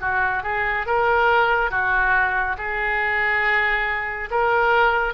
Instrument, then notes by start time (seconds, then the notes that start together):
oboe
0.00 F#4
0.43 G#4
0.86 A#4
1.70 F#4
2.58 G#4
4.30 A#4